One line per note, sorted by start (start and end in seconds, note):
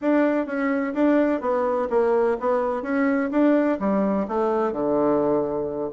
0.01 0.46 D4
0.46 0.93 C#4
0.94 1.40 D4
1.40 1.88 B3
1.90 2.37 A#3
2.40 2.82 B3
2.82 3.29 C#4
3.31 3.78 D4
3.79 4.26 G3
4.28 4.72 A3
4.72 5.90 D3